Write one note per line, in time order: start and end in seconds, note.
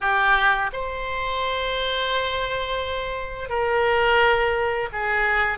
0.00 0.70 G4
0.72 3.49 C5
3.49 4.88 A#4
4.92 5.58 G#4